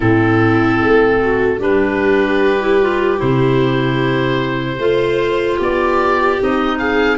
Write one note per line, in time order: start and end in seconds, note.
0.00 0.80 A2
0.00 1.59 C4
0.00 1.19 E4
0.00 1.60 A4
0.80 1.58 A3
1.20 1.59 F#4
1.58 3.18 G3
1.58 2.58 D4
1.58 4.79 G4
1.58 3.20 B4
2.59 2.79 E4
2.81 3.17 F4
3.17 4.78 C3
3.17 4.77 E4
3.17 5.60 C5
4.78 5.58 A3
4.78 6.39 F4
4.78 5.56 C5
5.56 6.39 B3
5.56 6.76 G4
5.62 6.42 D5
6.39 7.18 C4
6.39 7.18 D#4
6.39 6.78 D#5
6.78 7.18 G#4
6.78 7.18 F5